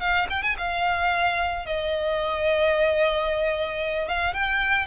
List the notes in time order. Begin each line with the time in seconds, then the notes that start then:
0.00 F5
0.30 G5
0.43 G#5
0.58 F5
1.66 D#5
4.08 F5
4.34 G5